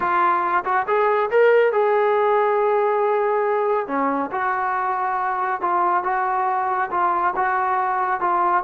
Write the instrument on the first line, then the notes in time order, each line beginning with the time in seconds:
trombone
0.00 F4
0.64 F#4
0.87 G#4
1.30 A#4
1.72 G#4
3.87 C#4
4.31 F#4
5.61 F4
6.03 F#4
6.91 F4
7.36 F#4
8.20 F4